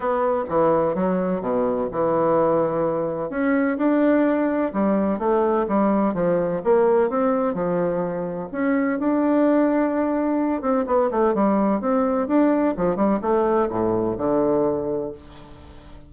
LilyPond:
\new Staff \with { instrumentName = "bassoon" } { \time 4/4 \tempo 4 = 127 b4 e4 fis4 b,4 | e2. cis'4 | d'2 g4 a4 | g4 f4 ais4 c'4 |
f2 cis'4 d'4~ | d'2~ d'8 c'8 b8 a8 | g4 c'4 d'4 f8 g8 | a4 a,4 d2 | }